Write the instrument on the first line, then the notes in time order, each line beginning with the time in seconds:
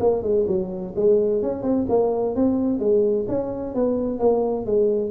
tuba
0.00 A#3
0.23 G#3
0.48 F#3
0.96 G#3
1.42 C#4
1.63 C4
1.89 A#3
2.36 C4
2.80 G#3
3.28 C#4
3.75 B3
4.19 A#3
4.66 G#3